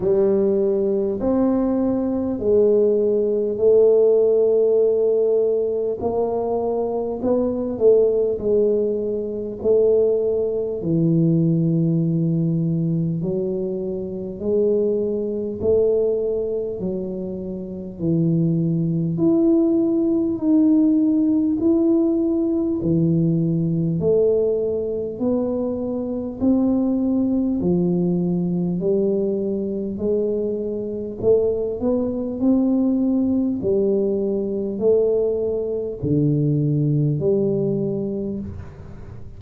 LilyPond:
\new Staff \with { instrumentName = "tuba" } { \time 4/4 \tempo 4 = 50 g4 c'4 gis4 a4~ | a4 ais4 b8 a8 gis4 | a4 e2 fis4 | gis4 a4 fis4 e4 |
e'4 dis'4 e'4 e4 | a4 b4 c'4 f4 | g4 gis4 a8 b8 c'4 | g4 a4 d4 g4 | }